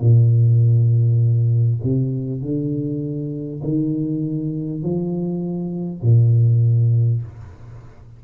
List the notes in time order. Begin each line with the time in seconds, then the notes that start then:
0.00 A#2
1.83 C3
2.41 D3
3.63 D#3
4.83 F3
6.02 A#2